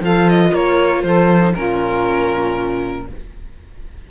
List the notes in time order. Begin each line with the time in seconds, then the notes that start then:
0.00 F3 F4 A4 F5
0.29 D#5
0.50 A#3 A#4 C#5
1.02 F3 A4 C5
1.41 D#4
1.54 A#2 C#4 F4 A#4